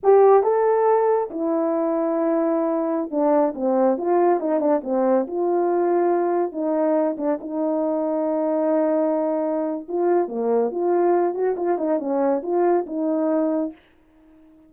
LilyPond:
\new Staff \with { instrumentName = "horn" } { \time 4/4 \tempo 4 = 140 g'4 a'2 e'4~ | e'2.~ e'16 d'8.~ | d'16 c'4 f'4 dis'8 d'8 c'8.~ | c'16 f'2. dis'8.~ |
dis'8. d'8 dis'2~ dis'8.~ | dis'2. f'4 | ais4 f'4. fis'8 f'8 dis'8 | cis'4 f'4 dis'2 | }